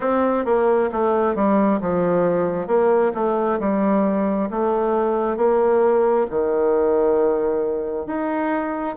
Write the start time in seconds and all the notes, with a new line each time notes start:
0.00 C4
0.45 A#3
0.92 A3
1.35 G3
1.80 F3
2.67 A#3
3.14 A3
3.59 G3
4.50 A3
5.36 A#3
6.29 D#3
8.06 D#4